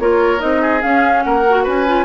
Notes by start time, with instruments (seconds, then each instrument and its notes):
0.00 bassoon A#3, clarinet F4, oboe A#4, flute C#5
0.39 bassoon C4, clarinet D#4, flute D#5
0.62 oboe G#4
0.81 clarinet C#4, bassoon C#4, flute F5
1.24 bassoon A#3, oboe A#4, flute F#5
1.50 clarinet F#4
1.64 bassoon C#4, oboe B4, flute G#5
1.88 clarinet F4